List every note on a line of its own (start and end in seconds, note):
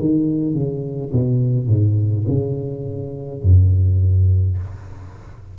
0.00 0.54 D#3
0.54 1.12 C#3
1.12 1.67 B2
1.67 2.25 G#2
2.28 3.42 C#3
3.42 4.58 F#2